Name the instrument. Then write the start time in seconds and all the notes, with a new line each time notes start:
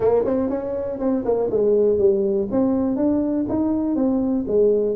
tuba
0.00 A#3
0.25 C4
0.49 C#4
0.99 C4
1.24 A#3
1.50 G#3
1.98 G3
2.51 C4
2.96 D4
3.48 D#4
3.95 C4
4.47 G#3